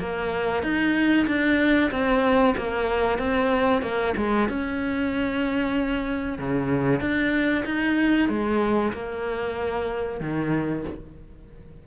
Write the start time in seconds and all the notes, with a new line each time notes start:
0.00 A#3
0.63 D#4
1.28 D4
1.91 C4
2.57 A#3
3.19 C4
3.83 A#3
4.17 G#3
4.49 C#4
6.39 C#3
7.01 D4
7.66 D#4
8.29 G#3
8.93 A#3
10.21 D#3